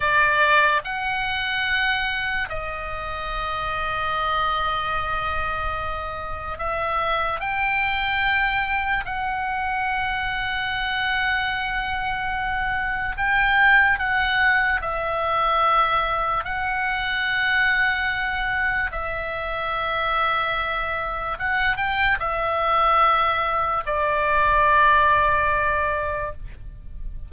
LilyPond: \new Staff \with { instrumentName = "oboe" } { \time 4/4 \tempo 4 = 73 d''4 fis''2 dis''4~ | dis''1 | e''4 g''2 fis''4~ | fis''1 |
g''4 fis''4 e''2 | fis''2. e''4~ | e''2 fis''8 g''8 e''4~ | e''4 d''2. | }